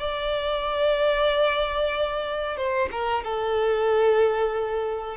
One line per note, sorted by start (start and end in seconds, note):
0.00 2.57 D5
2.57 2.90 C5
2.92 3.24 A#4
3.24 5.17 A4